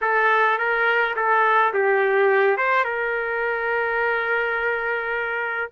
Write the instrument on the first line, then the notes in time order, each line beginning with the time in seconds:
trumpet
0.01 A4
0.58 A#4
1.16 A4
1.73 G4
2.57 C5
2.84 A#4